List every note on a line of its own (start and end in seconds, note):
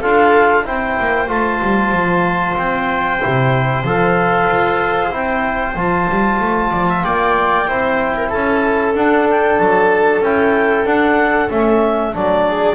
0.00 0.67 D4
0.00 0.65 F4
0.00 0.64 A4
0.00 0.65 F5
0.65 0.99 C4
0.65 1.28 E4
0.65 6.71 C5
0.65 1.29 G5
1.00 1.29 A#3
1.28 1.61 A3
1.28 3.19 F4
1.28 2.57 A5
1.62 1.92 G3
1.92 2.56 F3
2.57 3.21 C4
2.57 3.86 G5
3.20 3.84 C3
3.20 3.84 E4
3.84 4.48 F3
3.84 5.10 A4
3.84 5.14 F5
4.49 5.11 F4
5.10 5.75 C4
5.10 5.74 E4
5.10 5.78 G5
5.75 6.07 F3
5.75 7.66 F4
5.75 7.03 A5
6.10 6.40 G3
6.40 6.72 A3
6.71 7.04 F3
6.71 6.87 D5
6.89 7.05 E5
7.03 7.69 A#3
7.03 7.68 D5
7.03 8.30 G5
7.67 8.33 C4
7.67 8.95 E4
7.67 8.16 C5
8.16 8.29 A#4
8.29 8.95 C#4
8.29 12.44 A4
8.29 8.93 A5
8.95 10.22 D4
8.95 9.59 D4
8.95 9.28 F#5
9.30 9.59 G5
9.59 10.20 F#3
9.59 10.23 A5
10.20 10.84 C#4
10.20 10.86 E4
10.20 10.86 G5
10.85 11.49 D4
10.85 11.50 D4
10.85 11.50 F#5
11.50 12.14 A3
11.50 12.12 C#4
11.50 12.14 E5
12.12 12.75 F#3
12.12 12.75 D4
12.12 12.75 D5
12.48 12.75 G#4